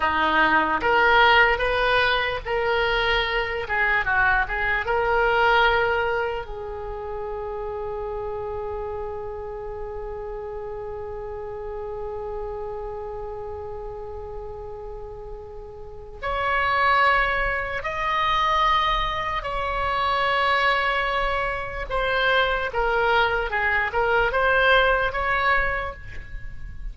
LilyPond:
\new Staff \with { instrumentName = "oboe" } { \time 4/4 \tempo 4 = 74 dis'4 ais'4 b'4 ais'4~ | ais'8 gis'8 fis'8 gis'8 ais'2 | gis'1~ | gis'1~ |
gis'1 | cis''2 dis''2 | cis''2. c''4 | ais'4 gis'8 ais'8 c''4 cis''4 | }